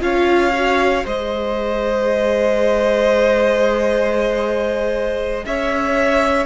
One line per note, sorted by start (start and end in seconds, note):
0.00 1.04 C#4
0.00 0.52 F4
0.00 1.05 C#5
0.00 1.06 F5
0.54 1.06 F#4
1.05 5.45 G#3
1.05 6.45 G#4
1.05 5.45 C5
1.05 5.45 D#5
5.45 6.45 C#4
5.45 6.45 C#5
5.45 6.45 E5